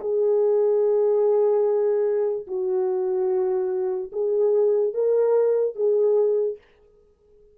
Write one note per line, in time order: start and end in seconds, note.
0.00 2.47 G#4
2.47 4.11 F#4
4.12 4.94 G#4
4.94 5.75 A#4
5.75 6.58 G#4